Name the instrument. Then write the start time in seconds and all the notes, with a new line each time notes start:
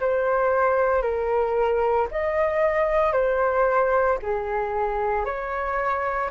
flute
0.00 C5
1.02 A#4
2.11 D#5
3.13 C5
4.22 G#4
5.25 C#5